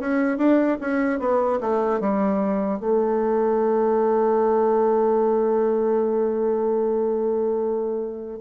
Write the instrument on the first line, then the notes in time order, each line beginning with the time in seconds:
bassoon
0.00 C#4
0.38 D4
0.81 C#4
1.20 B3
1.61 A3
2.00 G3
2.80 A3